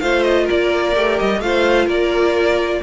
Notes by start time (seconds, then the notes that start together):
0.00 A3 F4 C5 F5
0.23 D#5
0.45 A#4 D5
0.51 A#3
0.95 A3 G4
1.19 G3 D#5
1.40 A3 F4 C5 F5
1.86 A#3 A#4 D5